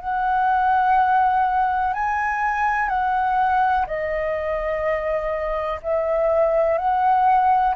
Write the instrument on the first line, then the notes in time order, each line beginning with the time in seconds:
flute
0.00 F#5
1.94 G#5
2.89 F#5
3.87 D#5
5.82 E5
6.78 F#5